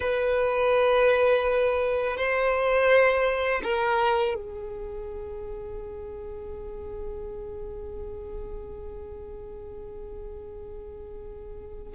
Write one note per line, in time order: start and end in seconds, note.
0.00 2.17 B4
2.17 3.61 C5
3.63 4.34 A#4
4.34 11.93 G#4